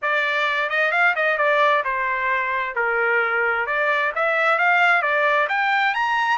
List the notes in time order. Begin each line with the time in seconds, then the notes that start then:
0.02 D5
0.69 D#5
0.91 F5
1.15 D#5
1.37 D5
1.84 C5
2.75 A#4
3.66 D5
4.15 E5
4.58 F5
5.02 D5
5.48 G5
5.94 A#5